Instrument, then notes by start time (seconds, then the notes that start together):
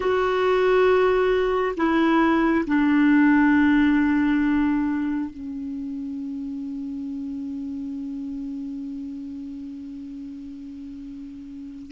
clarinet
0.00 F#4
1.76 E4
2.67 D4
5.30 C#4